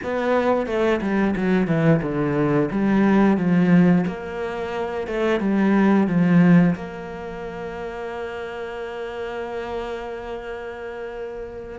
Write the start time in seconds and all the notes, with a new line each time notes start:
0.03 B3
0.66 A3
1.01 G3
1.35 F#3
1.67 E3
2.02 D3
2.71 G3
3.37 F3
4.07 A#3
5.07 A3
5.40 G3
6.07 F3
6.75 A#3